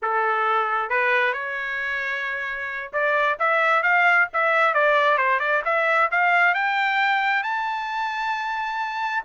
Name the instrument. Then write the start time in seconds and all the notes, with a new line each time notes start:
trumpet
0.02 A4
0.89 B4
1.33 C#5
2.92 D5
3.39 E5
3.82 F5
4.33 E5
4.74 D5
5.17 C5
5.39 D5
5.65 E5
6.11 F5
6.54 G5
7.43 A5